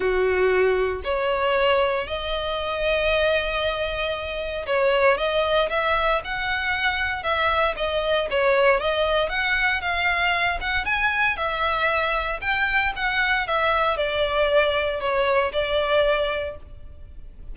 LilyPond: \new Staff \with { instrumentName = "violin" } { \time 4/4 \tempo 4 = 116 fis'2 cis''2 | dis''1~ | dis''4 cis''4 dis''4 e''4 | fis''2 e''4 dis''4 |
cis''4 dis''4 fis''4 f''4~ | f''8 fis''8 gis''4 e''2 | g''4 fis''4 e''4 d''4~ | d''4 cis''4 d''2 | }